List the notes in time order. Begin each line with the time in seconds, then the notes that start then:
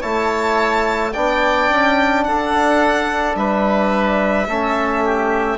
0.00 A3 E4 C#5 A5
1.12 B3 D4 D5 G5
1.70 C#4
2.24 D4 A4 F#5
3.35 G3 B4 E5
4.46 A3 C#4 A4
5.04 G4